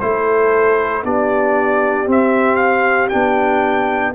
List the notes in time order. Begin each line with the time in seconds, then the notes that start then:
0.00 A3 E4 A4 C5
1.04 B3 D4 G4 D5
2.07 C4 E5
2.56 F5
3.09 B3 D4 G5